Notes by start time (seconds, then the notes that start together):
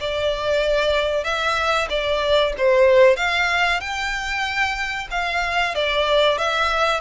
0.00 D5
1.24 E5
1.89 D5
2.58 C5
3.17 F5
3.80 G5
5.11 F5
5.75 D5
6.38 E5